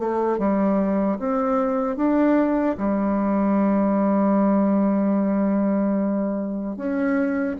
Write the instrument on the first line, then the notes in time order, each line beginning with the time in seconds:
bassoon
0.00 A3
0.39 G3
1.19 C4
1.97 D4
2.78 G3
6.77 C#4